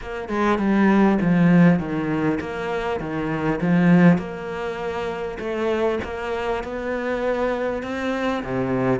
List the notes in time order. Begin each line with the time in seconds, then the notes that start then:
0.01 A#3
0.28 G#3
0.58 G3
1.21 F3
1.79 D#3
2.40 A#3
2.99 D#3
3.61 F3
4.18 A#3
5.39 A3
6.04 A#3
6.63 B3
7.82 C4
8.43 C3